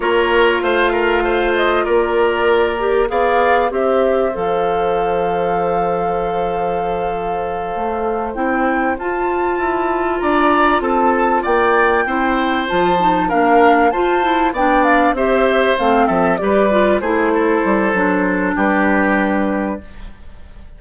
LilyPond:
<<
  \new Staff \with { instrumentName = "flute" } { \time 4/4 \tempo 4 = 97 cis''4 f''4. dis''8 d''4~ | d''4 f''4 e''4 f''4~ | f''1~ | f''4. g''4 a''4.~ |
a''8 ais''4 a''4 g''4.~ | g''8 a''4 f''4 a''4 g''8 | f''8 e''4 f''8 e''8 d''4 c''8~ | c''2 b'2 | }
  \new Staff \with { instrumentName = "oboe" } { \time 4/4 ais'4 c''8 ais'8 c''4 ais'4~ | ais'4 d''4 c''2~ | c''1~ | c''1~ |
c''8 d''4 a'4 d''4 c''8~ | c''4. ais'4 c''4 d''8~ | d''8 c''4. a'8 b'4 gis'8 | a'2 g'2 | }
  \new Staff \with { instrumentName = "clarinet" } { \time 4/4 f'1~ | f'8 g'8 gis'4 g'4 a'4~ | a'1~ | a'4. e'4 f'4.~ |
f'2.~ f'8 e'8~ | e'8 f'8 dis'8 d'4 f'8 e'8 d'8~ | d'8 g'4 c'4 g'8 f'8 e'8~ | e'4 d'2. | }
  \new Staff \with { instrumentName = "bassoon" } { \time 4/4 ais4 a2 ais4~ | ais4 b4 c'4 f4~ | f1~ | f8 a4 c'4 f'4 e'8~ |
e'8 d'4 c'4 ais4 c'8~ | c'8 f4 ais4 f'4 b8~ | b8 c'4 a8 f8 g4 a8~ | a8 g8 fis4 g2 | }
>>